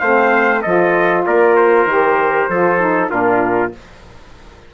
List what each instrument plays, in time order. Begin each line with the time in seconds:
0.00 bassoon A3, saxophone C4, trumpet C5 F5
0.62 bassoon F3, saxophone F4, trumpet A4 D#5
1.26 bassoon A#3, trumpet A#4 D5
1.56 trumpet C5
1.86 bassoon D#3, saxophone G4
2.49 bassoon F3, saxophone F4, trumpet A4
2.80 saxophone D#4
3.10 bassoon A#2, saxophone D4, trumpet F4 A#4